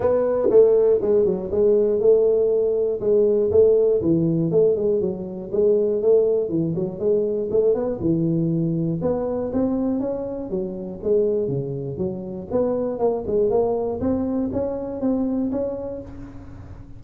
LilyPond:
\new Staff \with { instrumentName = "tuba" } { \time 4/4 \tempo 4 = 120 b4 a4 gis8 fis8 gis4 | a2 gis4 a4 | e4 a8 gis8 fis4 gis4 | a4 e8 fis8 gis4 a8 b8 |
e2 b4 c'4 | cis'4 fis4 gis4 cis4 | fis4 b4 ais8 gis8 ais4 | c'4 cis'4 c'4 cis'4 | }